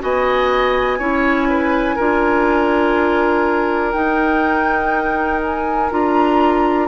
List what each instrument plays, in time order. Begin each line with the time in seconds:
0.00 bassoon B3, clarinet F#4, oboe D#5, flute G#5
0.99 bassoon C#4, clarinet E4, oboe C#5
1.50 oboe B4
1.96 bassoon D4, clarinet F4, oboe A#4
3.92 clarinet D#4, bassoon D#4, flute G5
5.42 flute G#5
5.90 bassoon D4, clarinet F4, flute A#5